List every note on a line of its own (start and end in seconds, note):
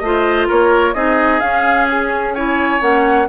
0.00 0.48 A3
0.00 0.95 F4
0.00 0.48 C5
0.00 0.47 D#5
0.48 0.95 A#3
0.48 0.95 A#4
0.48 0.94 C#5
0.94 1.41 C4
0.94 1.41 D#4
0.94 2.35 G#4
0.94 1.40 D#5
1.40 2.81 C#4
1.40 2.35 C#4
1.40 1.87 F5
1.89 2.35 G#4
2.35 2.80 E4
2.35 3.28 C#5
2.35 2.81 G#5
2.80 3.28 A#3
2.80 3.27 C#4
2.80 3.29 F#5